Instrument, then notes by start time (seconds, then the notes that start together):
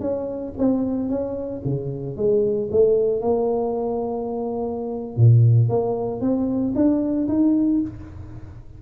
tuba
0.00 C#4
0.58 C4
1.09 C#4
1.65 C#3
2.16 G#3
2.71 A3
3.21 A#3
5.16 A#2
5.69 A#3
6.21 C4
6.75 D4
7.28 D#4